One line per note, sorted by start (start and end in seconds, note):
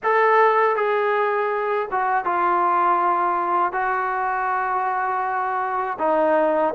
0.03 0.76 A4
0.76 1.88 G#4
1.91 2.25 F#4
2.25 3.72 F4
3.72 5.97 F#4
5.99 6.74 D#4